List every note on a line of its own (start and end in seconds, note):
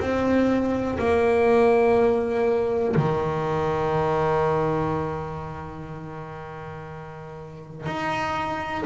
0.00 0.98 C4
0.99 2.96 A#3
2.96 7.86 D#3
7.86 8.85 D#4